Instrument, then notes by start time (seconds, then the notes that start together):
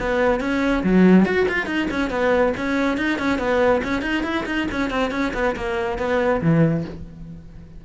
cello
0.00 B3
0.41 C#4
0.84 F#3
1.25 F#4
1.49 F4
1.66 D#4
1.91 C#4
2.11 B3
2.57 C#4
2.97 D#4
3.19 C#4
3.39 B3
3.84 C#4
4.02 D#4
4.24 E4
4.46 D#4
4.72 C#4
4.91 C4
5.11 C#4
5.34 B3
5.56 A#3
5.98 B3
6.42 E3